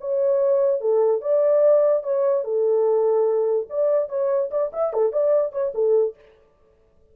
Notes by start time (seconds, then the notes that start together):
0.00 C#5
0.81 A4
1.21 D5
2.03 C#5
2.44 A4
3.69 D5
4.09 C#5
4.50 D5
4.72 E5
4.93 A4
5.12 D5
5.52 C#5
5.74 A4